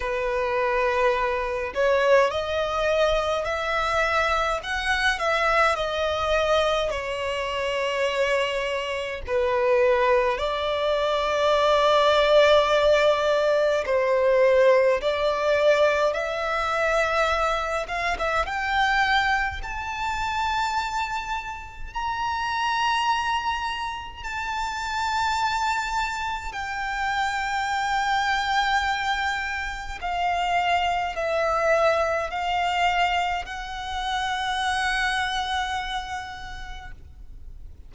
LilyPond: \new Staff \with { instrumentName = "violin" } { \time 4/4 \tempo 4 = 52 b'4. cis''8 dis''4 e''4 | fis''8 e''8 dis''4 cis''2 | b'4 d''2. | c''4 d''4 e''4. f''16 e''16 |
g''4 a''2 ais''4~ | ais''4 a''2 g''4~ | g''2 f''4 e''4 | f''4 fis''2. | }